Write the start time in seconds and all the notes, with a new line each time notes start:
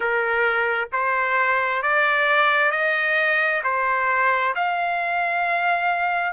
0.00 A#4
0.92 C5
1.82 D5
2.71 D#5
3.63 C5
4.55 F5